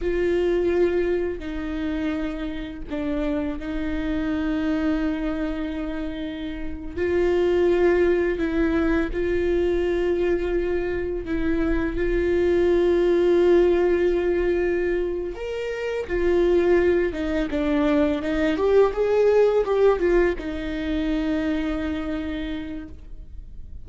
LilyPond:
\new Staff \with { instrumentName = "viola" } { \time 4/4 \tempo 4 = 84 f'2 dis'2 | d'4 dis'2.~ | dis'4.~ dis'16 f'2 e'16~ | e'8. f'2. e'16~ |
e'8. f'2.~ f'16~ | f'4. ais'4 f'4. | dis'8 d'4 dis'8 g'8 gis'4 g'8 | f'8 dis'2.~ dis'8 | }